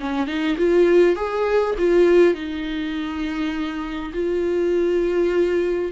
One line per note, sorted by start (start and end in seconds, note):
0.00 0.27 C#4
0.27 0.57 D#4
0.58 1.16 F4
1.16 1.75 G#4
1.78 2.34 F4
2.34 4.13 D#4
4.14 5.92 F4